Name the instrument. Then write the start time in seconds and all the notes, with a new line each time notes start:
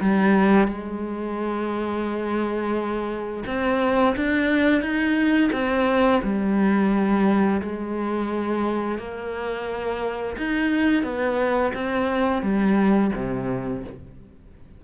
cello
0.00 G3
0.67 G#3
3.46 C4
4.15 D4
4.81 D#4
5.52 C4
6.23 G3
7.61 G#3
8.98 A#3
10.37 D#4
11.03 B3
11.73 C4
12.42 G3
13.15 C3